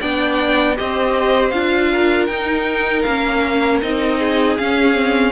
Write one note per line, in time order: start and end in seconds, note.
0.00 0.78 B3
0.00 0.75 D4
0.00 0.76 D5
0.00 0.76 G5
0.75 1.52 C4
0.75 1.51 G4
0.75 1.91 C5
0.75 1.50 D#5
1.50 2.28 D4
1.50 2.29 F4
1.50 2.26 F5
1.91 4.18 A#4
2.26 3.04 D#4
2.26 3.06 D#4
2.26 3.02 G5
3.02 3.81 A#3
3.02 3.81 C#4
3.02 3.78 F5
3.81 4.58 C4
3.81 4.57 D#4
3.81 4.57 D#5
4.18 5.32 G#4
4.57 4.93 C#4
4.57 5.32 C#4
4.57 5.32 F5
4.93 5.31 C4